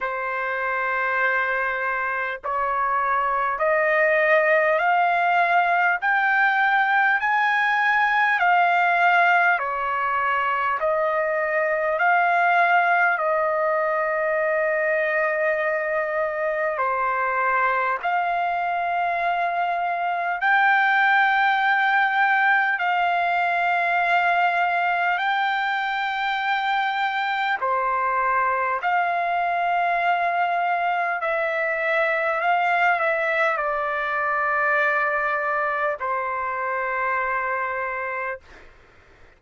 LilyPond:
\new Staff \with { instrumentName = "trumpet" } { \time 4/4 \tempo 4 = 50 c''2 cis''4 dis''4 | f''4 g''4 gis''4 f''4 | cis''4 dis''4 f''4 dis''4~ | dis''2 c''4 f''4~ |
f''4 g''2 f''4~ | f''4 g''2 c''4 | f''2 e''4 f''8 e''8 | d''2 c''2 | }